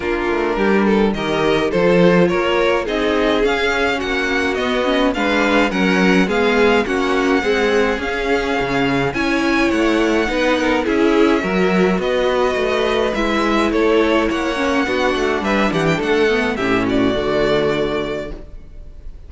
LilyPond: <<
  \new Staff \with { instrumentName = "violin" } { \time 4/4 \tempo 4 = 105 ais'2 dis''4 c''4 | cis''4 dis''4 f''4 fis''4 | dis''4 f''4 fis''4 f''4 | fis''2 f''2 |
gis''4 fis''2 e''4~ | e''4 dis''2 e''4 | cis''4 fis''2 e''8 fis''16 g''16 | fis''4 e''8 d''2~ d''8 | }
  \new Staff \with { instrumentName = "violin" } { \time 4/4 f'4 g'8 a'8 ais'4 a'4 | ais'4 gis'2 fis'4~ | fis'4 b'4 ais'4 gis'4 | fis'4 gis'2. |
cis''2 b'8 ais'8 gis'4 | ais'4 b'2. | a'4 cis''4 fis'4 b'8 g'8 | a'4 g'8 fis'2~ fis'8 | }
  \new Staff \with { instrumentName = "viola" } { \time 4/4 d'2 g'4 f'4~ | f'4 dis'4 cis'2 | b8 cis'8 d'4 cis'4 b4 | cis'4 gis4 cis'2 |
e'2 dis'4 e'4 | fis'2. e'4~ | e'4. cis'8 d'2~ | d'8 b8 cis'4 a2 | }
  \new Staff \with { instrumentName = "cello" } { \time 4/4 ais8 a8 g4 dis4 f4 | ais4 c'4 cis'4 ais4 | b4 gis4 fis4 gis4 | ais4 c'4 cis'4 cis4 |
cis'4 a4 b4 cis'4 | fis4 b4 a4 gis4 | a4 ais4 b8 a8 g8 e8 | a4 a,4 d2 | }
>>